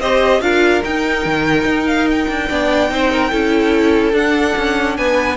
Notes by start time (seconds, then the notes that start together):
0.00 C4 G4 C5 D#5
0.41 D4 F4 A#4 F5
0.84 D#4 G5
1.25 D#3
1.65 D#4
1.87 F5
2.10 G5
2.29 D4
2.48 B3 D4 D5
2.89 C4 D#4 C5
3.11 A#4
3.31 C#4 E4 A4
4.13 D4 F#5
4.57 C#4
4.97 B3 B4 G#5